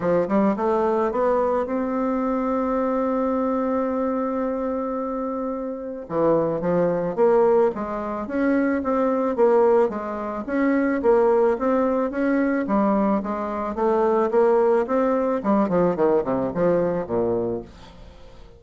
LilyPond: \new Staff \with { instrumentName = "bassoon" } { \time 4/4 \tempo 4 = 109 f8 g8 a4 b4 c'4~ | c'1~ | c'2. e4 | f4 ais4 gis4 cis'4 |
c'4 ais4 gis4 cis'4 | ais4 c'4 cis'4 g4 | gis4 a4 ais4 c'4 | g8 f8 dis8 c8 f4 ais,4 | }